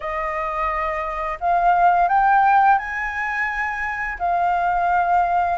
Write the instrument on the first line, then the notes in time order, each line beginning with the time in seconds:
flute
0.00 D#5
1.40 F5
2.08 G5
2.78 G#5
4.18 F5